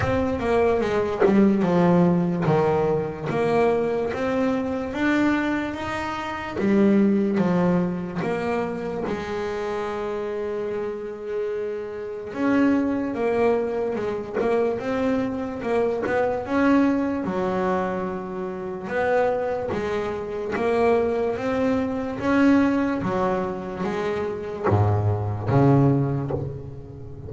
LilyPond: \new Staff \with { instrumentName = "double bass" } { \time 4/4 \tempo 4 = 73 c'8 ais8 gis8 g8 f4 dis4 | ais4 c'4 d'4 dis'4 | g4 f4 ais4 gis4~ | gis2. cis'4 |
ais4 gis8 ais8 c'4 ais8 b8 | cis'4 fis2 b4 | gis4 ais4 c'4 cis'4 | fis4 gis4 gis,4 cis4 | }